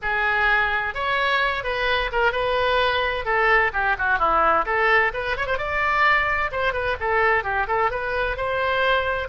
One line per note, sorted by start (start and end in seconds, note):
0.01 0.94 G#4
0.94 1.63 C#5
1.63 2.10 B4
2.12 2.32 A#4
2.32 3.25 B4
3.25 3.71 A4
3.73 3.96 G4
3.98 4.18 F#4
4.18 4.65 E4
4.65 5.12 A4
5.13 5.36 B4
5.37 5.46 C#5
5.46 5.58 C5
5.58 6.51 D5
6.51 6.73 C5
6.73 6.96 B4
7.00 7.43 A4
7.43 7.66 G4
7.67 7.90 A4
7.90 8.36 B4
8.36 9.28 C5